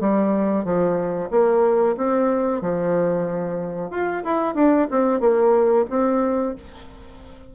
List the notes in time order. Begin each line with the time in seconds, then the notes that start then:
0.00 G3
0.64 F3
1.30 A#3
1.97 C4
2.61 F3
3.90 F4
4.24 E4
4.55 D4
4.91 C4
5.20 A#3
5.90 C4